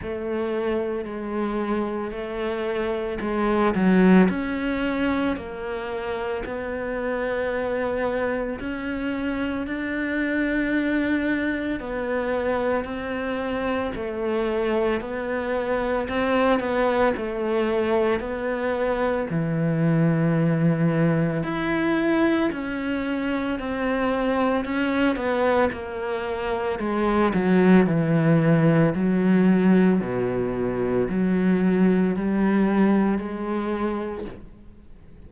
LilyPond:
\new Staff \with { instrumentName = "cello" } { \time 4/4 \tempo 4 = 56 a4 gis4 a4 gis8 fis8 | cis'4 ais4 b2 | cis'4 d'2 b4 | c'4 a4 b4 c'8 b8 |
a4 b4 e2 | e'4 cis'4 c'4 cis'8 b8 | ais4 gis8 fis8 e4 fis4 | b,4 fis4 g4 gis4 | }